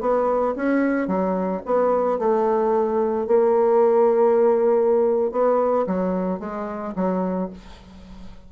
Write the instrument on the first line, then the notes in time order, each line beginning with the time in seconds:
bassoon
0.00 B3
0.56 C#4
1.07 F#3
1.65 B3
2.18 A3
3.27 A#3
5.31 B3
5.87 F#3
6.39 G#3
6.95 F#3